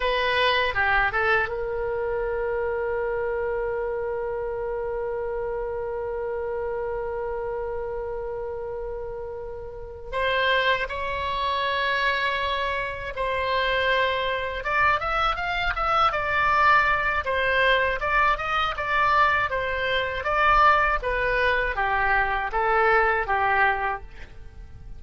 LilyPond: \new Staff \with { instrumentName = "oboe" } { \time 4/4 \tempo 4 = 80 b'4 g'8 a'8 ais'2~ | ais'1~ | ais'1~ | ais'4. c''4 cis''4.~ |
cis''4. c''2 d''8 | e''8 f''8 e''8 d''4. c''4 | d''8 dis''8 d''4 c''4 d''4 | b'4 g'4 a'4 g'4 | }